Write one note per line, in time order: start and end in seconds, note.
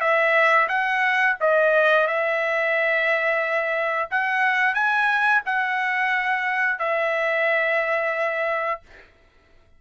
0.00 0.67 E5
0.68 1.36 F#5
1.40 2.07 D#5
2.07 4.09 E5
4.11 4.74 F#5
4.74 5.41 G#5
5.45 6.79 F#5
6.79 8.81 E5